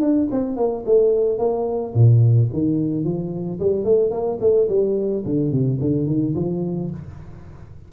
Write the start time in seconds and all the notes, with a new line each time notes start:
0.00 D4
0.31 C4
0.56 A#3
0.85 A3
1.38 A#3
1.94 A#2
2.52 D#3
3.04 F3
3.59 G3
3.84 A3
4.10 A#3
4.40 A3
4.68 G3
5.25 D3
5.51 C3
5.80 D3
6.07 D#3
6.35 F3